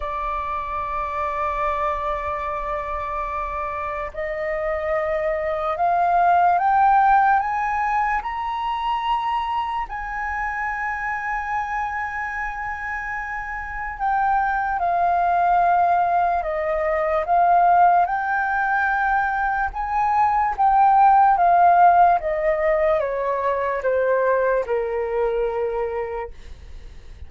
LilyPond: \new Staff \with { instrumentName = "flute" } { \time 4/4 \tempo 4 = 73 d''1~ | d''4 dis''2 f''4 | g''4 gis''4 ais''2 | gis''1~ |
gis''4 g''4 f''2 | dis''4 f''4 g''2 | gis''4 g''4 f''4 dis''4 | cis''4 c''4 ais'2 | }